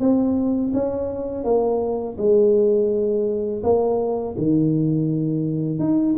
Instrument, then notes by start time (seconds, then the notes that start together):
tuba
0.00 C4
0.74 C#4
1.44 A#3
2.18 G#3
3.63 A#3
4.38 D#3
5.79 D#4